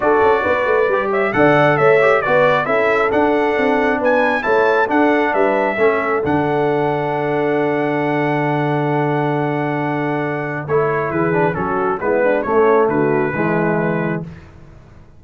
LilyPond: <<
  \new Staff \with { instrumentName = "trumpet" } { \time 4/4 \tempo 4 = 135 d''2~ d''8 e''8 fis''4 | e''4 d''4 e''4 fis''4~ | fis''4 gis''4 a''4 fis''4 | e''2 fis''2~ |
fis''1~ | fis''1 | cis''4 b'4 a'4 b'4 | cis''4 b'2. | }
  \new Staff \with { instrumentName = "horn" } { \time 4/4 a'4 b'4. cis''8 d''4 | cis''4 b'4 a'2~ | a'4 b'4 cis''4 a'4 | b'4 a'2.~ |
a'1~ | a'1~ | a'4 gis'4 fis'4 e'8 d'8 | cis'4 fis'4 e'2 | }
  \new Staff \with { instrumentName = "trombone" } { \time 4/4 fis'2 g'4 a'4~ | a'8 g'8 fis'4 e'4 d'4~ | d'2 e'4 d'4~ | d'4 cis'4 d'2~ |
d'1~ | d'1 | e'4. d'8 cis'4 b4 | a2 gis2 | }
  \new Staff \with { instrumentName = "tuba" } { \time 4/4 d'8 cis'8 b8 a8 g4 d4 | a4 b4 cis'4 d'4 | c'4 b4 a4 d'4 | g4 a4 d2~ |
d1~ | d1 | a4 e4 fis4 gis4 | a4 d4 e2 | }
>>